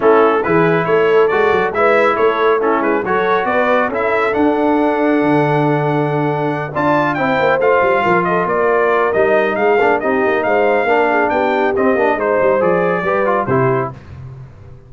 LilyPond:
<<
  \new Staff \with { instrumentName = "trumpet" } { \time 4/4 \tempo 4 = 138 a'4 b'4 cis''4 d''4 | e''4 cis''4 a'8 b'8 cis''4 | d''4 e''4 fis''2~ | fis''2.~ fis''8 a''8~ |
a''8 g''4 f''4. dis''8 d''8~ | d''4 dis''4 f''4 dis''4 | f''2 g''4 dis''4 | c''4 d''2 c''4 | }
  \new Staff \with { instrumentName = "horn" } { \time 4/4 e'4 gis'4 a'2 | b'4 a'4 e'4 a'4 | b'4 a'2.~ | a'2.~ a'8 d''8~ |
d''8 c''2 ais'8 a'8 ais'8~ | ais'2 gis'4 g'4 | c''4 ais'8 gis'8 g'2 | c''2 b'4 g'4 | }
  \new Staff \with { instrumentName = "trombone" } { \time 4/4 cis'4 e'2 fis'4 | e'2 cis'4 fis'4~ | fis'4 e'4 d'2~ | d'2.~ d'8 f'8~ |
f'8 e'4 f'2~ f'8~ | f'4 dis'4. d'8 dis'4~ | dis'4 d'2 c'8 d'8 | dis'4 gis'4 g'8 f'8 e'4 | }
  \new Staff \with { instrumentName = "tuba" } { \time 4/4 a4 e4 a4 gis8 fis8 | gis4 a4. gis8 fis4 | b4 cis'4 d'2 | d2.~ d8 d'8~ |
d'8 c'8 ais8 a8 g8 f4 ais8~ | ais4 g4 gis8 ais8 c'8 ais8 | gis4 ais4 b4 c'8 ais8 | gis8 g8 f4 g4 c4 | }
>>